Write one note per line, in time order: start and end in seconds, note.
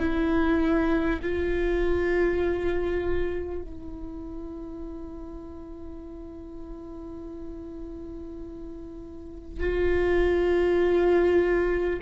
0.00 1.20 E4
1.22 3.62 F4
3.62 9.59 E4
9.59 11.99 F4